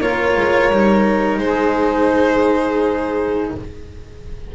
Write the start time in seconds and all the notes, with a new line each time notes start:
0.00 A#3 F4 A#4 C#5
0.37 G#3
0.70 G3 D#4
1.38 G#3 G#4 C5